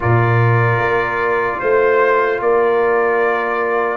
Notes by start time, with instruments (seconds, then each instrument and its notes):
0.00 tuba A#2, trombone F4, horn A#4, trumpet D5
0.78 tuba A#3
1.59 tuba A3, horn C5, trumpet C5
2.41 tuba A#3, horn A#4, trumpet D5